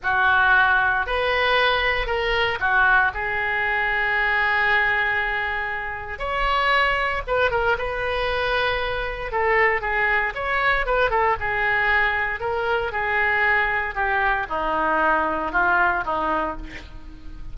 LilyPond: \new Staff \with { instrumentName = "oboe" } { \time 4/4 \tempo 4 = 116 fis'2 b'2 | ais'4 fis'4 gis'2~ | gis'1 | cis''2 b'8 ais'8 b'4~ |
b'2 a'4 gis'4 | cis''4 b'8 a'8 gis'2 | ais'4 gis'2 g'4 | dis'2 f'4 dis'4 | }